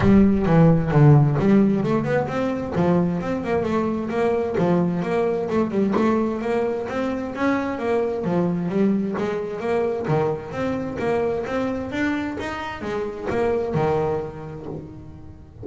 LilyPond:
\new Staff \with { instrumentName = "double bass" } { \time 4/4 \tempo 4 = 131 g4 e4 d4 g4 | a8 b8 c'4 f4 c'8 ais8 | a4 ais4 f4 ais4 | a8 g8 a4 ais4 c'4 |
cis'4 ais4 f4 g4 | gis4 ais4 dis4 c'4 | ais4 c'4 d'4 dis'4 | gis4 ais4 dis2 | }